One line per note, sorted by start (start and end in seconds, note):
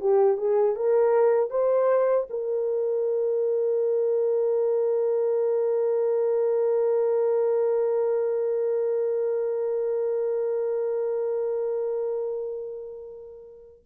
0.00 0.37 G4
0.37 0.76 G#4
0.76 1.50 A#4
1.50 2.27 C5
2.29 13.83 A#4